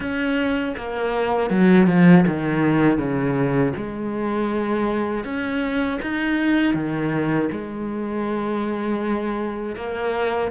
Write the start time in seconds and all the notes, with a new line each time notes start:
0.00 C#4
0.77 A#3
1.50 F#3
1.86 F3
2.27 D#3
2.98 C#3
3.76 G#3
5.24 C#4
6.02 D#4
6.74 D#3
7.51 G#3
9.76 A#3